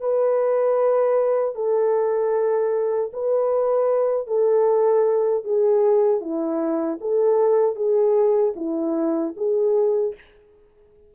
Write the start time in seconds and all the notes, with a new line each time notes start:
0.00 B4
1.55 A4
3.13 B4
4.27 A4
5.44 G#4
6.20 E4
7.01 A4
7.76 G#4
8.56 E4
9.36 G#4